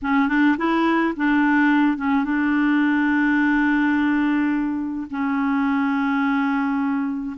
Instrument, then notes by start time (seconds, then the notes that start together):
clarinet
0.02 C#4
0.28 D4
0.57 E4
1.16 D4
1.97 C#4
2.24 D4
5.10 C#4